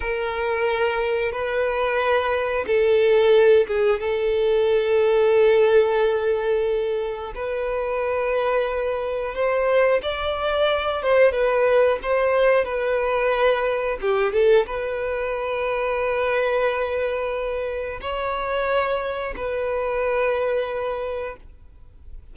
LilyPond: \new Staff \with { instrumentName = "violin" } { \time 4/4 \tempo 4 = 90 ais'2 b'2 | a'4. gis'8 a'2~ | a'2. b'4~ | b'2 c''4 d''4~ |
d''8 c''8 b'4 c''4 b'4~ | b'4 g'8 a'8 b'2~ | b'2. cis''4~ | cis''4 b'2. | }